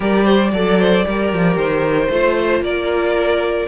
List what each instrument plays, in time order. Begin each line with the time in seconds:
0.00 cello G3, viola G4, violin A#4 D5
0.24 violin C5
0.52 cello F#3, viola A4, violin D5
0.79 violin C5
1.04 cello G3, viola G4, violin A#4
1.33 cello F3
1.55 cello D#3, violin C5
2.09 cello A3, viola F4, violin C5
2.60 cello A#3, violin A#4 D5